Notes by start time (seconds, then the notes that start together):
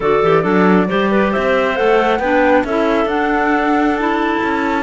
0.00 D3 F#4 A4 D5
0.22 E3 G4
0.42 F#3 D4 A4
0.88 G3 G4 C5
1.10 B4
1.31 C4 C5 E5
1.75 A3 A4 F#5
2.19 B3 D4 B4 G5
2.64 C#4 E4 A4 E5
3.05 D4 F#5
3.95 E4 A5
4.43 C#4